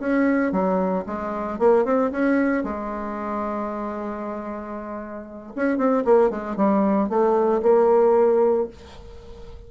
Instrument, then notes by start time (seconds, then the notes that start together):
bassoon
0.00 C#4
0.52 F#3
1.07 G#3
1.59 A#3
1.85 C4
2.12 C#4
2.64 G#3
5.56 C#4
5.78 C4
6.06 A#3
6.31 G#3
6.57 G3
7.10 A3
7.63 A#3